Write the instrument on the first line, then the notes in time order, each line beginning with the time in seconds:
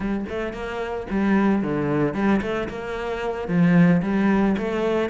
cello
0.00 G3
0.29 A3
0.53 A#3
1.10 G3
1.62 D3
2.14 G3
2.41 A3
2.68 A#3
3.47 F3
4.02 G3
4.57 A3